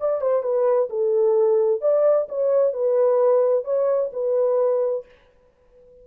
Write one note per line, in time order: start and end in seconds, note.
0.00 0.21 D5
0.21 0.43 C5
0.43 0.89 B4
0.90 1.81 A4
1.81 2.27 D5
2.29 2.73 C#5
2.73 3.65 B4
3.65 4.11 C#5
4.13 5.05 B4